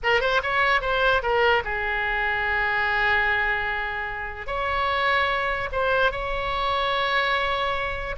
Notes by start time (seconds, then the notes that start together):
0.03 A#4
0.20 C5
0.42 C#5
0.81 C5
1.22 A#4
1.64 G#4
4.46 C#5
5.72 C5
6.11 C#5